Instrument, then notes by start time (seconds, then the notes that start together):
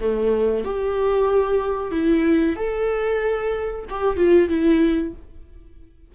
viola
0.00 A3
0.64 G4
1.91 E4
2.56 A4
3.90 G4
4.17 F4
4.49 E4